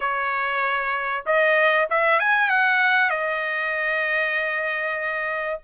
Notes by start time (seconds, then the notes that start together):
0.00 C#5
1.26 D#5
1.90 E5
2.19 G#5
2.49 F#5
3.10 D#5